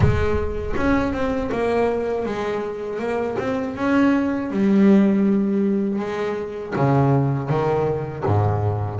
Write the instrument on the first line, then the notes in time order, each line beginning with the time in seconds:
double bass
0.00 G#3
0.76 C#4
1.12 C4
1.51 A#3
2.25 G#3
2.99 A#3
3.38 C4
3.75 C#4
4.50 G3
5.98 G#3
6.76 C#3
7.49 D#3
8.25 G#2